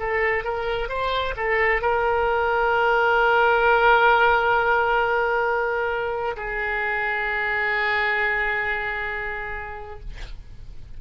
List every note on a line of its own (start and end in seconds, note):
0.00 0.45 A4
0.45 0.89 A#4
0.89 1.35 C5
1.37 1.82 A4
1.82 6.36 A#4
6.37 10.00 G#4